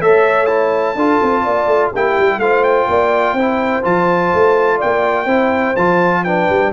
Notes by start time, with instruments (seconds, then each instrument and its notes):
0.00 tuba A3, trombone A4, horn C#5, trumpet E5
0.46 trombone E4, trumpet A5
0.95 tuba D4, trombone F4, horn A4
1.22 tuba C4
1.43 tuba A#3, horn D5
1.66 tuba A3
1.90 tuba A#3, trombone E4, horn G4, trumpet G5
2.18 tuba G3
2.38 tuba A3, trombone F4, horn C5, trumpet F5
2.63 trumpet G5
2.88 tuba A#3, horn D5
3.33 tuba C4, trombone E4, horn C5
3.83 tuba F3, trombone F4, trumpet A5
4.33 tuba A3
4.76 horn D5, trumpet G5
4.83 tuba A#3
5.24 tuba C4, trombone E4, horn C5
5.76 tuba F3, trombone F4, trumpet A5
6.24 trombone D4, horn B4, trumpet G5
6.49 tuba G3